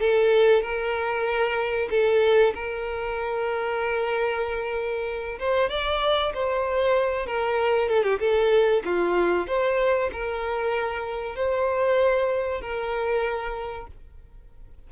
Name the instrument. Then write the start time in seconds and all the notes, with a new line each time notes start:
violin
0.00 A4
0.62 A#4
1.91 A4
2.54 A#4
5.39 C5
5.70 D5
6.34 C5
7.26 A#4
7.89 A4
8.04 G4
8.20 A4
8.85 F4
9.47 C5
10.12 A#4
11.36 C5
12.61 A#4